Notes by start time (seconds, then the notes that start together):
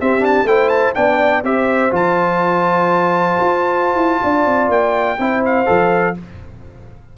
0.00 C4 G4 E5
0.20 D4 A5
0.44 A3 E4 C5 G5
0.69 A5
0.95 B3 D4 D5 G5
1.43 C4 G4 C5 E5
1.91 F3 F4 A5
3.40 F4
3.95 E4
4.23 D4 D5
4.46 C4
4.69 A#3 G5
5.19 C4 E4 C5
5.45 F5
5.66 F3 A4